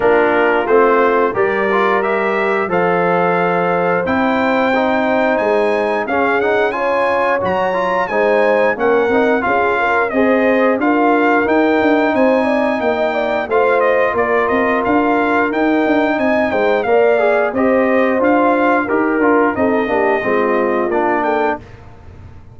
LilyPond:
<<
  \new Staff \with { instrumentName = "trumpet" } { \time 4/4 \tempo 4 = 89 ais'4 c''4 d''4 e''4 | f''2 g''2 | gis''4 f''8 fis''8 gis''4 ais''4 | gis''4 fis''4 f''4 dis''4 |
f''4 g''4 gis''4 g''4 | f''8 dis''8 d''8 dis''8 f''4 g''4 | gis''8 g''8 f''4 dis''4 f''4 | ais'4 dis''2 d''8 g''8 | }
  \new Staff \with { instrumentName = "horn" } { \time 4/4 f'2 ais'2 | c''1~ | c''4 gis'4 cis''2 | c''4 ais'4 gis'8 ais'8 c''4 |
ais'2 c''8 d''8 dis''8 d''8 | c''4 ais'2. | dis''8 c''8 d''4 c''2 | ais'4 a'8 g'8 f'4. a'8 | }
  \new Staff \with { instrumentName = "trombone" } { \time 4/4 d'4 c'4 g'8 f'8 g'4 | a'2 e'4 dis'4~ | dis'4 cis'8 dis'8 f'4 fis'8 f'8 | dis'4 cis'8 dis'8 f'4 gis'4 |
f'4 dis'2. | f'2. dis'4~ | dis'4 ais'8 gis'8 g'4 f'4 | g'8 f'8 dis'8 d'8 c'4 d'4 | }
  \new Staff \with { instrumentName = "tuba" } { \time 4/4 ais4 a4 g2 | f2 c'2 | gis4 cis'2 fis4 | gis4 ais8 c'8 cis'4 c'4 |
d'4 dis'8 d'8 c'4 ais4 | a4 ais8 c'8 d'4 dis'8 d'8 | c'8 gis8 ais4 c'4 d'4 | dis'8 d'8 c'8 ais8 gis4 ais4 | }
>>